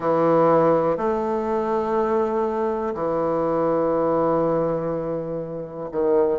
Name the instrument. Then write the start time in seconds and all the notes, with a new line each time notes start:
bassoon
0.00 E3
0.97 A3
2.94 E3
5.91 D#3